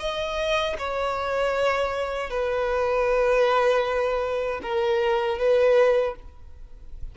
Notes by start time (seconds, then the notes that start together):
0.00 D#5
0.79 C#5
2.30 B4
4.63 A#4
5.39 B4